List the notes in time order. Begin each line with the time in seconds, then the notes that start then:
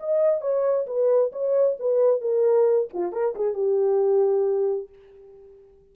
0.00 D#5
0.41 C#5
0.87 B4
1.32 C#5
1.80 B4
2.21 A#4
2.94 F4
3.13 A#4
3.36 G#4
3.54 G4